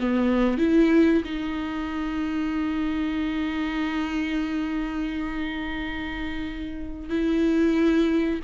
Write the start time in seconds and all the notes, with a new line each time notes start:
0.00 B3
0.58 E4
1.25 D#4
7.10 E4